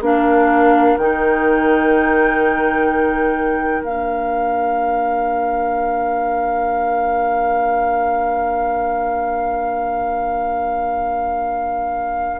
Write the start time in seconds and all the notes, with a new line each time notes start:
0.00 A#3 D4 A#4 F5
0.97 D#3 D#4 G5
3.82 A#3 D4 F5